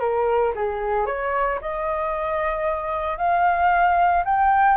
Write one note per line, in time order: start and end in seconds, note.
0.00 0.53 A#4
0.55 1.06 G#4
1.06 1.59 C#5
1.61 3.17 D#5
3.17 4.24 F5
4.25 4.77 G5